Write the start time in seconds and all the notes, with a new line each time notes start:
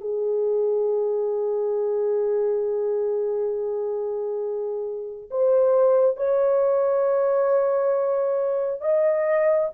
0.00 G#4
5.30 C5
6.16 C#5
8.81 D#5